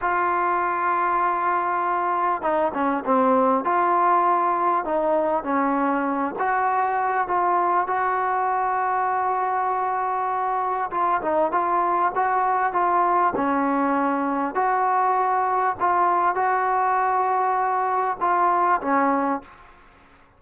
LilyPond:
\new Staff \with { instrumentName = "trombone" } { \time 4/4 \tempo 4 = 99 f'1 | dis'8 cis'8 c'4 f'2 | dis'4 cis'4. fis'4. | f'4 fis'2.~ |
fis'2 f'8 dis'8 f'4 | fis'4 f'4 cis'2 | fis'2 f'4 fis'4~ | fis'2 f'4 cis'4 | }